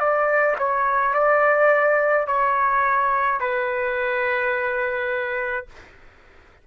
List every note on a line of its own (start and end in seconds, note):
0.00 0.57 D5
0.59 1.14 C#5
1.14 2.27 D5
2.27 3.40 C#5
3.40 5.67 B4